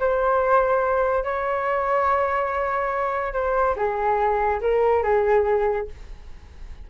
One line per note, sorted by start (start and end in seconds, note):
0.00 1.24 C5
1.24 3.33 C#5
3.33 3.75 C5
3.76 4.61 G#4
4.61 5.03 A#4
5.03 5.88 G#4